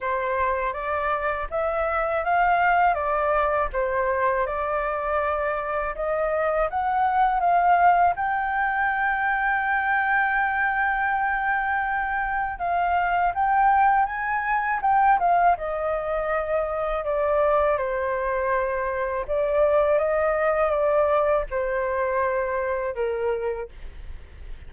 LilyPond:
\new Staff \with { instrumentName = "flute" } { \time 4/4 \tempo 4 = 81 c''4 d''4 e''4 f''4 | d''4 c''4 d''2 | dis''4 fis''4 f''4 g''4~ | g''1~ |
g''4 f''4 g''4 gis''4 | g''8 f''8 dis''2 d''4 | c''2 d''4 dis''4 | d''4 c''2 ais'4 | }